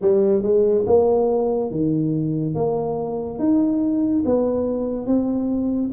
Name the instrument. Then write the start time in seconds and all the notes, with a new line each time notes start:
tuba
0.01 G3
0.42 G#3
0.86 A#3
1.71 D#3
2.54 A#3
3.38 D#4
4.25 B3
5.06 C4